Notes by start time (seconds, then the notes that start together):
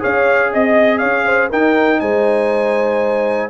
0.00 C#4 G#4 C#5 F5
0.53 C4 D#5
0.99 C#4 C#5 F5
1.26 C5
1.50 D#4 A#4 G5
2.00 G#3 C5 G#5